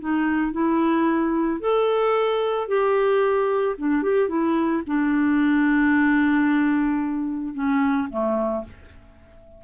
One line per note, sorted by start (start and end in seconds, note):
0.00 0.52 D#4
0.52 1.60 E4
1.60 2.68 A4
2.68 3.76 G4
3.78 4.03 D4
4.03 4.29 G4
4.29 4.83 E4
4.87 7.54 D4
7.54 8.08 C#4
8.10 8.64 A3